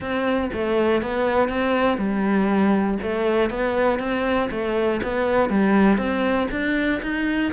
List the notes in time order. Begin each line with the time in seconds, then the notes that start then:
0.00 C4
0.53 A3
1.01 B3
1.49 C4
1.98 G3
3.02 A3
3.50 B3
3.99 C4
4.50 A3
5.03 B3
5.49 G3
5.97 C4
6.51 D4
7.02 D#4